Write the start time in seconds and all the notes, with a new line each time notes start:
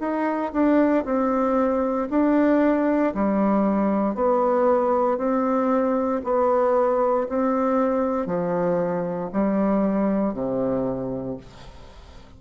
0.00 D#4
0.52 D4
1.04 C4
2.10 D4
3.14 G3
4.14 B3
5.17 C4
6.24 B3
7.28 C4
8.26 F3
9.32 G3
10.34 C3